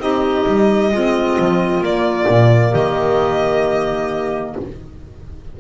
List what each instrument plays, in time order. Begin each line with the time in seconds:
0.00 double bass C4, saxophone D#4, clarinet G4, violin D#5
0.47 double bass G3
0.92 double bass G#3, saxophone C4, clarinet F4
1.40 double bass F3
1.81 double bass A#3, violin D5
1.88 saxophone A#3
2.29 double bass A#2
2.72 double bass D#3, clarinet G4, violin D#5